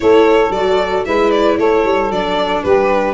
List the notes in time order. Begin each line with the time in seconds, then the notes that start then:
0.00 A3 E4 A4 C#5
0.49 F#3 F#4 D5
1.05 G#3 E4 B4 E5
1.31 D5
1.58 A3 A4 C#5
1.84 G3
2.10 F#3 D4 D5
2.63 G3 G4 B4